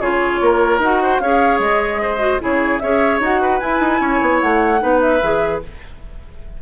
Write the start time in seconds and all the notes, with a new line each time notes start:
0.00 C#3 F4 G#4 C#5
0.41 A#3 A#4
0.79 D#4 F#4 F#5
1.02 C5
1.20 C#4 G#4 C#5 F5
1.59 G#3 D#5
2.02 C5
2.19 F#4
2.40 C#3 E4 G#4 C#5
2.80 C#4 G#4 C#5 E5
3.20 D#4 F#4 F#5
3.42 B4
3.60 E4 G#5
3.80 D#4
4.00 C#4 C#5
4.21 B3
4.41 A3 F#5
4.79 B3 D#4 B4
5.01 E5
5.22 E3 G#4